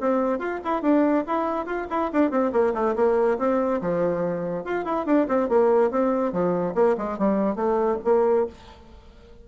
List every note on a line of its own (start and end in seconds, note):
0.00 0.38 C4
0.38 0.59 F4
0.64 0.82 E4
0.82 1.24 D4
1.27 1.66 E4
1.66 1.87 F4
1.90 2.11 E4
2.12 2.30 D4
2.30 2.51 C4
2.52 2.73 A#3
2.73 2.95 A3
2.95 3.38 A#3
3.38 3.80 C4
3.81 4.64 F3
4.64 4.84 F4
4.84 5.06 E4
5.06 5.27 D4
5.27 5.49 C4
5.49 5.91 A#3
5.91 6.32 C4
6.32 6.74 F3
6.75 6.96 A#3
6.97 7.18 G#3
7.18 7.55 G3
7.55 7.97 A3
8.04 8.46 A#3